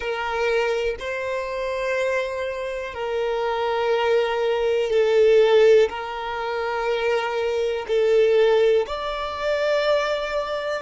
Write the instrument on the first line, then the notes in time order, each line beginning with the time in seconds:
violin
0.00 A#4
0.99 C5
2.94 A#4
4.90 A4
5.89 A#4
7.87 A4
8.87 D5